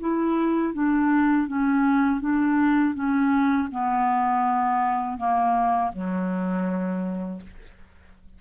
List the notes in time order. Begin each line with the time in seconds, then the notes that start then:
0.00 E4
0.74 D4
1.47 C#4
2.20 D4
2.94 C#4
3.71 B3
5.18 A#3
5.93 F#3